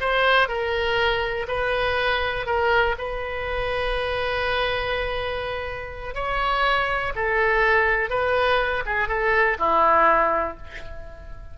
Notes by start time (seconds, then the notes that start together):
0.00 C5
0.48 A#4
1.48 B4
2.46 A#4
2.98 B4
6.15 C#5
7.15 A4
8.09 B4
8.85 G#4
9.08 A4
9.59 E4